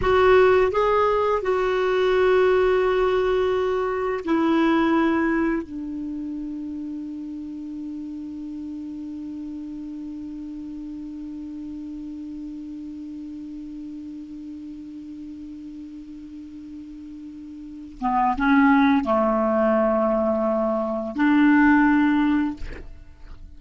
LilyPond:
\new Staff \with { instrumentName = "clarinet" } { \time 4/4 \tempo 4 = 85 fis'4 gis'4 fis'2~ | fis'2 e'2 | d'1~ | d'1~ |
d'1~ | d'1~ | d'4. b8 cis'4 a4~ | a2 d'2 | }